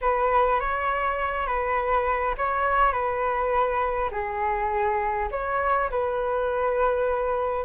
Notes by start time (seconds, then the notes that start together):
0.01 B4
0.60 C#5
1.46 B4
2.37 C#5
2.92 B4
4.11 G#4
5.31 C#5
5.90 B4